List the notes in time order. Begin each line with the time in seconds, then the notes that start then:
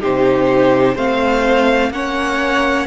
0.00 C3 D#4 G4 C5
0.95 A3 C4 C5 F5
1.90 A#3 C#4 C#5 F#5